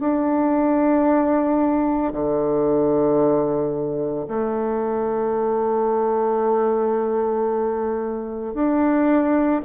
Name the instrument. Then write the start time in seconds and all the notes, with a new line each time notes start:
bassoon
0.00 D4
2.12 D3
4.28 A3
8.54 D4